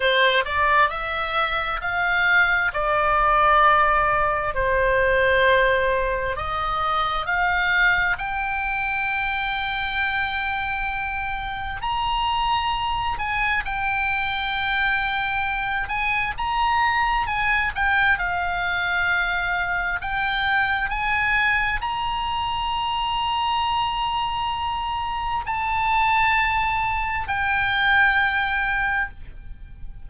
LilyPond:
\new Staff \with { instrumentName = "oboe" } { \time 4/4 \tempo 4 = 66 c''8 d''8 e''4 f''4 d''4~ | d''4 c''2 dis''4 | f''4 g''2.~ | g''4 ais''4. gis''8 g''4~ |
g''4. gis''8 ais''4 gis''8 g''8 | f''2 g''4 gis''4 | ais''1 | a''2 g''2 | }